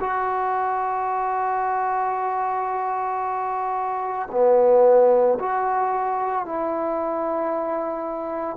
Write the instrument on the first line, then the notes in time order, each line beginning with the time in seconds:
trombone
0.00 F#4
4.31 B3
5.39 F#4
6.45 E4